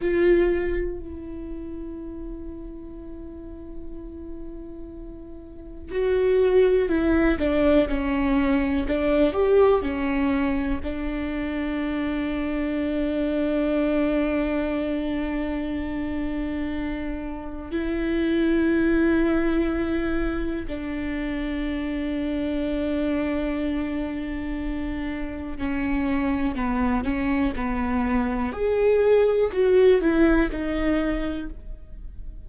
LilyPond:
\new Staff \with { instrumentName = "viola" } { \time 4/4 \tempo 4 = 61 f'4 e'2.~ | e'2 fis'4 e'8 d'8 | cis'4 d'8 g'8 cis'4 d'4~ | d'1~ |
d'2 e'2~ | e'4 d'2.~ | d'2 cis'4 b8 cis'8 | b4 gis'4 fis'8 e'8 dis'4 | }